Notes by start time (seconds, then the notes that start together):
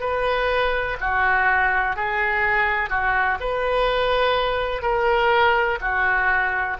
0.00 B4
1.01 F#4
1.96 G#4
2.89 F#4
3.40 B4
4.82 A#4
5.81 F#4